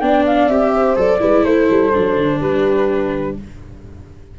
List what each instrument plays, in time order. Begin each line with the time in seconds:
0.00 tuba B3, viola D4, horn D5, flute G5
0.27 flute F5
0.49 tuba C4, viola G4, flute E5
0.74 horn C5
0.97 tuba F#3, viola A4, flute D5
1.20 tuba G#3, viola E4, horn B4
1.44 tuba A3, horn A4, flute C5
1.71 tuba G3
1.94 tuba F#3, viola D4
2.17 tuba D3
2.41 tuba G3, horn G4, flute B4